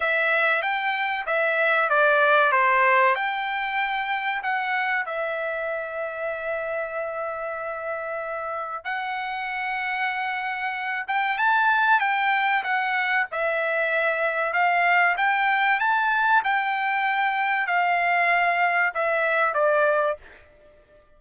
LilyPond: \new Staff \with { instrumentName = "trumpet" } { \time 4/4 \tempo 4 = 95 e''4 g''4 e''4 d''4 | c''4 g''2 fis''4 | e''1~ | e''2 fis''2~ |
fis''4. g''8 a''4 g''4 | fis''4 e''2 f''4 | g''4 a''4 g''2 | f''2 e''4 d''4 | }